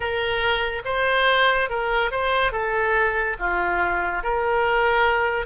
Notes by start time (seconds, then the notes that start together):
0.00 A#4
0.85 C5
1.69 A#4
2.11 C5
2.52 A4
3.39 F4
4.23 A#4